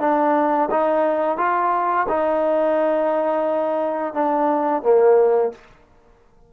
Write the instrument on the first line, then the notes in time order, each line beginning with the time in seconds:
trombone
0.00 D4
0.71 D#4
1.38 F4
2.08 D#4
4.14 D4
4.83 A#3